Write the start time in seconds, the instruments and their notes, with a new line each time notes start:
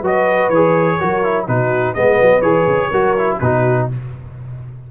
0.00 tuba F#3, trombone F#4, horn B4, trumpet D#5
0.49 tuba E3, trombone G#4, trumpet C#5
0.98 tuba F#3, trombone F#4, horn A#4
1.23 trombone E4
1.47 tuba B2, trombone D#4, horn F#4, trumpet B4
1.93 tuba G#3, trombone B3, horn B4, trumpet D#5
2.21 tuba F#3
2.41 tuba E3, trombone G#4, trumpet C#5
2.66 tuba C#3
2.89 tuba F#3, trombone F#4, horn A#4
3.17 trombone E4
3.39 tuba B2, trombone D#4, horn F#4, trumpet B4